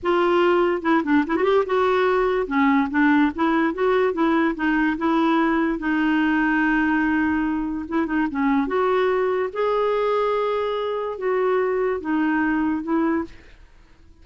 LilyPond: \new Staff \with { instrumentName = "clarinet" } { \time 4/4 \tempo 4 = 145 f'2 e'8 d'8 e'16 fis'16 g'8 | fis'2 cis'4 d'4 | e'4 fis'4 e'4 dis'4 | e'2 dis'2~ |
dis'2. e'8 dis'8 | cis'4 fis'2 gis'4~ | gis'2. fis'4~ | fis'4 dis'2 e'4 | }